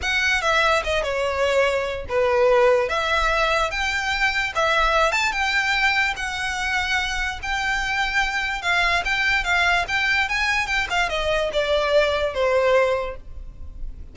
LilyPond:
\new Staff \with { instrumentName = "violin" } { \time 4/4 \tempo 4 = 146 fis''4 e''4 dis''8 cis''4.~ | cis''4 b'2 e''4~ | e''4 g''2 e''4~ | e''8 a''8 g''2 fis''4~ |
fis''2 g''2~ | g''4 f''4 g''4 f''4 | g''4 gis''4 g''8 f''8 dis''4 | d''2 c''2 | }